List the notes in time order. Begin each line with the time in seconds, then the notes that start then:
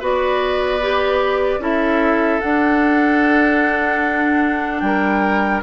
0.00 B3 F#4 B4 D5
0.81 G4
1.59 C#4 E4 A4 E5
2.41 D4 F#5
4.80 G3 A#4 G5